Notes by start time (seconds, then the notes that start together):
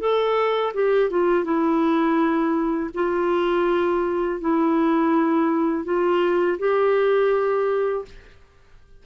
0.00 A4
0.74 G4
1.10 F4
1.44 E4
2.94 F4
4.41 E4
5.84 F4
6.59 G4